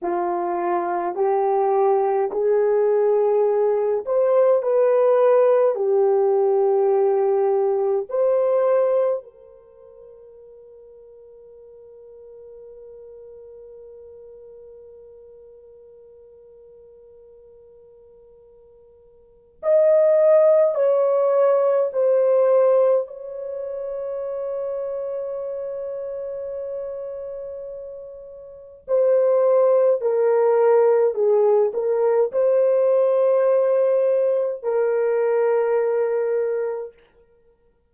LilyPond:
\new Staff \with { instrumentName = "horn" } { \time 4/4 \tempo 4 = 52 f'4 g'4 gis'4. c''8 | b'4 g'2 c''4 | ais'1~ | ais'1~ |
ais'4 dis''4 cis''4 c''4 | cis''1~ | cis''4 c''4 ais'4 gis'8 ais'8 | c''2 ais'2 | }